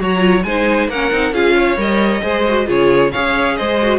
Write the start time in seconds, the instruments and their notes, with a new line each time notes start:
0.00 cello F#3, viola F#4, violin C#5 A#5
0.19 viola F4
0.44 cello G#3, viola D#4, violin C5 G#5
0.89 cello A#3, viola C#4, violin A#4 F#5
1.12 cello C4, viola D#4
1.33 cello C#4, viola F4, violin G#4 F5
1.55 violin C#5
1.77 cello G3, viola A#4, violin D#5
2.22 cello G#3, viola G#4, violin C5
2.49 viola F#4
2.66 cello C#3, viola F4, violin G#4 C#5
3.12 cello C#4, viola G#4, violin C#5 F5
3.57 cello G#3, violin C5 D#5
3.82 viola F#4